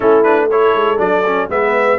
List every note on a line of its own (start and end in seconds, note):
0.00 0.74 A3
0.00 0.24 C#4
0.00 0.46 E4
0.00 0.23 A4
0.23 0.49 D4
0.23 0.48 B4
0.50 0.97 E4
0.50 1.50 A4
0.50 0.99 C#5
0.74 0.99 G#3
0.97 1.49 F#3
0.97 1.22 D4
0.97 1.49 D5
1.26 1.49 C#4
1.49 1.99 G#3
1.49 1.99 B3
1.49 1.99 B4
1.49 1.99 E5